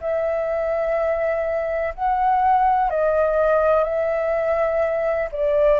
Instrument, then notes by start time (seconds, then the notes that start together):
flute
0.00 E5
1.94 F#5
2.90 D#5
3.83 E5
5.31 D5